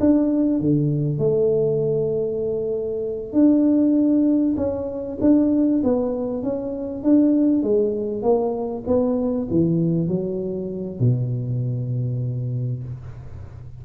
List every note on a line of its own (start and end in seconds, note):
0.00 0.60 D4
0.60 1.19 D3
1.19 3.33 A3
3.33 4.55 D4
4.57 5.18 C#4
5.21 5.82 D4
5.83 6.43 B3
6.43 7.03 C#4
7.03 7.63 D4
7.63 8.22 G#3
8.22 8.83 A#3
8.87 9.48 B3
9.50 10.08 E3
10.08 11.00 F#3
11.00 12.83 B2